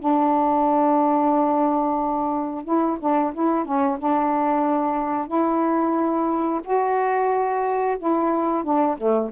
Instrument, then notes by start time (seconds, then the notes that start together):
saxophone
0.00 D4
2.65 E4
3.00 D4
3.34 E4
3.65 C#4
3.99 D4
5.28 E4
6.65 F#4
7.99 E4
8.64 D4
8.98 A3